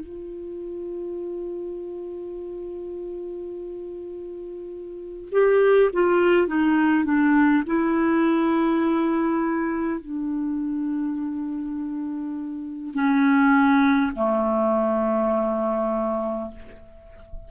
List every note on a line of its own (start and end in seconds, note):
0.00 5.29 F4
5.32 5.90 G4
5.93 6.47 F4
6.47 7.04 D#4
7.04 7.63 D4
7.66 10.01 E4
10.01 12.94 D4
12.94 14.12 C#4
14.16 16.51 A3